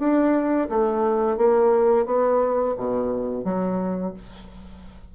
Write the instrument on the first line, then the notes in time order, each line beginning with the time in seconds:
bassoon
0.00 D4
0.70 A3
1.38 A#3
2.06 B3
2.77 B2
3.45 F#3